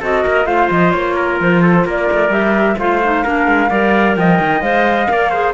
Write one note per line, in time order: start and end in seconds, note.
0.00 0.24 C4
0.00 0.45 F#4
0.00 0.23 A4
0.00 0.46 D#5
0.23 0.46 A#3
0.23 0.46 A#4
0.45 0.69 A3
0.45 2.30 F4
0.45 1.15 C5
0.45 0.69 F5
0.70 0.93 F3
0.70 0.91 D#5
0.91 1.40 A#3
0.91 1.37 C#5
1.16 1.62 A#4
1.40 1.85 F3
1.40 1.88 C5
1.62 1.85 A4
1.85 2.08 A#3
1.85 2.78 A#4
1.85 2.32 D5
2.12 2.29 A3
2.29 2.75 G3
2.29 2.77 G4
2.29 2.78 E5
2.78 3.24 A3
2.78 3.02 F4
2.78 3.24 C5
2.78 4.16 F5
3.03 3.24 D#4
3.24 3.47 A#3
3.24 3.69 D4
3.24 3.70 A#4
3.47 3.70 G#3
3.69 4.16 G3
3.69 4.62 A#4
3.69 4.16 D5
4.16 4.39 F3
4.16 5.11 D#5
4.16 4.61 G5
4.39 4.61 D#3
4.61 5.08 G#3
4.61 5.08 C5
4.61 5.54 F5
5.08 5.54 A#3
5.08 5.31 A#4
5.08 5.30 D5
5.30 5.54 G#4
5.30 5.53 C5